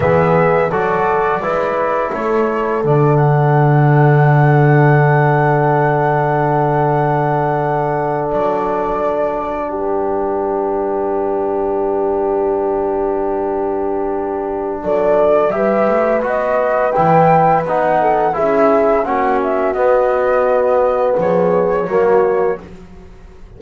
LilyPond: <<
  \new Staff \with { instrumentName = "flute" } { \time 4/4 \tempo 4 = 85 e''4 d''2 cis''4 | d''8 fis''2.~ fis''8~ | fis''2.~ fis''8. d''16~ | d''4.~ d''16 b'2~ b'16~ |
b'1~ | b'4 d''4 e''4 dis''4 | g''4 fis''4 e''4 fis''8 e''8 | dis''2 cis''2 | }
  \new Staff \with { instrumentName = "horn" } { \time 4/4 gis'4 a'4 b'4 a'4~ | a'1~ | a'1~ | a'4.~ a'16 g'2~ g'16~ |
g'1~ | g'4 a'4 b'2~ | b'4. a'8 gis'4 fis'4~ | fis'2 gis'4 fis'4 | }
  \new Staff \with { instrumentName = "trombone" } { \time 4/4 b4 fis'4 e'2 | d'1~ | d'1~ | d'1~ |
d'1~ | d'2 g'4 fis'4 | e'4 dis'4 e'4 cis'4 | b2. ais4 | }
  \new Staff \with { instrumentName = "double bass" } { \time 4/4 e4 fis4 gis4 a4 | d1~ | d2.~ d8. fis16~ | fis4.~ fis16 g2~ g16~ |
g1~ | g4 fis4 g8 a8 b4 | e4 b4 cis'4 ais4 | b2 f4 fis4 | }
>>